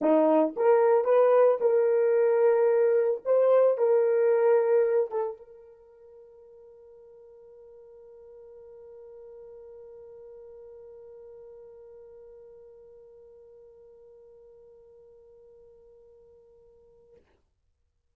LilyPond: \new Staff \with { instrumentName = "horn" } { \time 4/4 \tempo 4 = 112 dis'4 ais'4 b'4 ais'4~ | ais'2 c''4 ais'4~ | ais'4. a'8 ais'2~ | ais'1~ |
ais'1~ | ais'1~ | ais'1~ | ais'1 | }